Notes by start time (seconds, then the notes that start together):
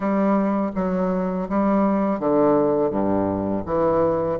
0.00 G3
0.75 F#3
1.49 G3
2.19 D3
2.90 G2
3.65 E3